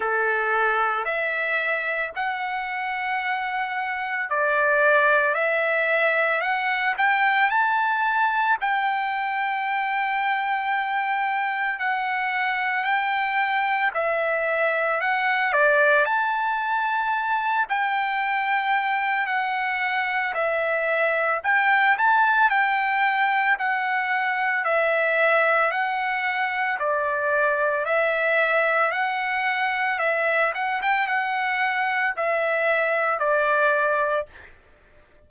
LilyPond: \new Staff \with { instrumentName = "trumpet" } { \time 4/4 \tempo 4 = 56 a'4 e''4 fis''2 | d''4 e''4 fis''8 g''8 a''4 | g''2. fis''4 | g''4 e''4 fis''8 d''8 a''4~ |
a''8 g''4. fis''4 e''4 | g''8 a''8 g''4 fis''4 e''4 | fis''4 d''4 e''4 fis''4 | e''8 fis''16 g''16 fis''4 e''4 d''4 | }